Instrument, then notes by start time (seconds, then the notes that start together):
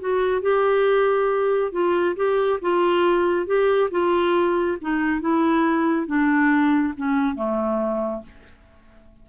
clarinet
0.00 F#4
0.42 G4
1.72 F4
2.16 G4
2.62 F4
3.47 G4
3.91 F4
4.81 D#4
5.21 E4
6.07 D4
6.97 C#4
7.36 A3